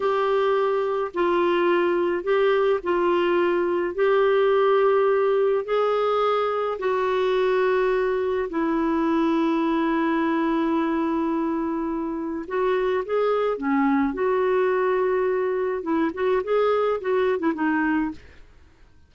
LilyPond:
\new Staff \with { instrumentName = "clarinet" } { \time 4/4 \tempo 4 = 106 g'2 f'2 | g'4 f'2 g'4~ | g'2 gis'2 | fis'2. e'4~ |
e'1~ | e'2 fis'4 gis'4 | cis'4 fis'2. | e'8 fis'8 gis'4 fis'8. e'16 dis'4 | }